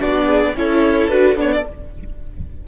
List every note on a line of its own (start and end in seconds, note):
0.00 0.55 B3
0.00 0.55 D4
0.00 0.26 F#4
0.00 0.56 D5
0.26 0.53 G#4
0.55 1.08 C#4
0.55 1.11 E4
0.55 1.67 A4
0.55 1.08 C#5
1.08 1.36 D4
1.08 1.36 F#4
1.08 1.35 B4
1.36 1.63 B3
1.36 1.63 D4
1.36 1.52 C#5
1.52 1.66 D5